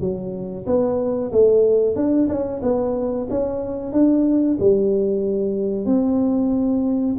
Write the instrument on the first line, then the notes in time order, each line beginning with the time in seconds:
tuba
0.00 F#3
0.66 B3
1.32 A3
1.95 D4
2.29 C#4
2.62 B3
3.30 C#4
3.92 D4
4.59 G3
5.85 C4